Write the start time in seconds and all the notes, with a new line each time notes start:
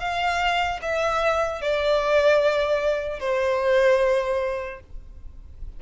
0.00 F5
0.82 E5
1.61 D5
3.20 C5